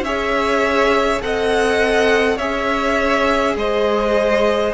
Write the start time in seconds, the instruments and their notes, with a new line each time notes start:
0.00 cello C#4, viola G#4, violin C#5 E5
1.21 cello C4, viola A4, violin D#5 F#5
2.36 cello C#4, viola G#4, violin C#5 E5
3.56 cello G#3, violin C5 D#5